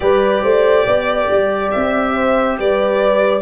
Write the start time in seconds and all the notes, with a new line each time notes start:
0.00 G3 G4 B4 D5
0.42 A3 C5
0.86 B3 D5
1.29 G3
1.71 C4 E5
2.14 C5
2.58 G3 B4 D5